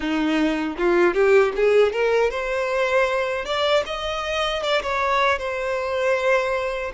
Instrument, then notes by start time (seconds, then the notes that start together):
violin
0.00 D#4
0.78 F4
1.14 G4
1.56 G#4
1.92 A#4
2.30 C5
3.45 D5
3.86 D#5
4.62 D5
4.82 C#5
5.38 C5